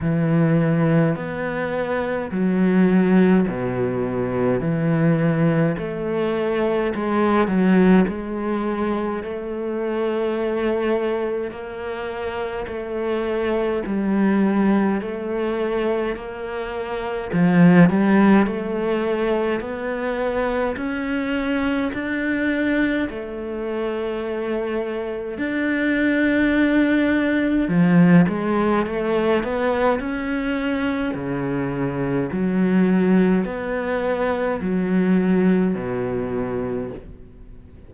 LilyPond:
\new Staff \with { instrumentName = "cello" } { \time 4/4 \tempo 4 = 52 e4 b4 fis4 b,4 | e4 a4 gis8 fis8 gis4 | a2 ais4 a4 | g4 a4 ais4 f8 g8 |
a4 b4 cis'4 d'4 | a2 d'2 | f8 gis8 a8 b8 cis'4 cis4 | fis4 b4 fis4 b,4 | }